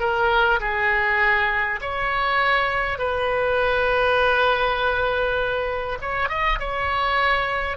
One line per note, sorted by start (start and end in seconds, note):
0.00 0.60 A#4
0.61 1.81 G#4
1.82 2.99 C#5
2.99 5.99 B4
6.02 6.29 C#5
6.29 6.59 D#5
6.60 7.78 C#5